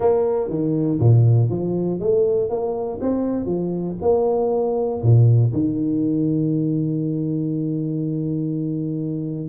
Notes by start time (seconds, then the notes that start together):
0.00 A#3
0.49 D#3
0.99 A#2
1.49 F3
1.99 A3
2.49 A#3
3.01 C4
3.45 F3
4.01 A#3
5.02 A#2
5.52 D#3